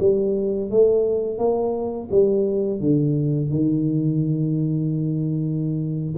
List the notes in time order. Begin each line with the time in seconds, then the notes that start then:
0.00 G3
0.71 A3
1.38 A#3
2.11 G3
2.80 D3
3.50 D#3